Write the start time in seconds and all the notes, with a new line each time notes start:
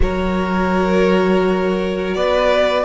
0.00 F#3 F#4 A#4 C#5
2.14 B3 B4 D5